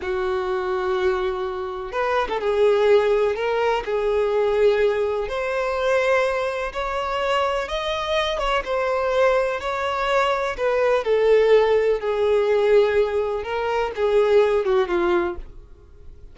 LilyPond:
\new Staff \with { instrumentName = "violin" } { \time 4/4 \tempo 4 = 125 fis'1 | b'8. a'16 gis'2 ais'4 | gis'2. c''4~ | c''2 cis''2 |
dis''4. cis''8 c''2 | cis''2 b'4 a'4~ | a'4 gis'2. | ais'4 gis'4. fis'8 f'4 | }